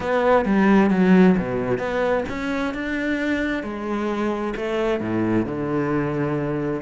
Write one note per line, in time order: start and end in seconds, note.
0.00 0.45 B3
0.45 0.90 G3
0.90 1.35 F#3
1.38 1.78 B2
1.78 2.24 B3
2.29 2.74 C#4
2.74 3.63 D4
3.63 4.54 G#3
4.56 5.00 A3
5.00 5.45 A2
5.45 6.81 D3